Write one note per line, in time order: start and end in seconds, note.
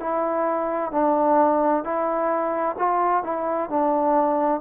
0.00 0.92 E4
0.92 1.84 D4
1.84 2.77 E4
2.79 3.24 F4
3.24 3.70 E4
3.70 4.61 D4